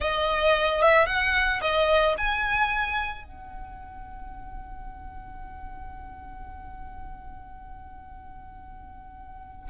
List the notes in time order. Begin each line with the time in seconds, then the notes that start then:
0.00 D#5
0.82 E5
1.06 F#5
1.61 D#5
2.17 G#5
3.24 F#5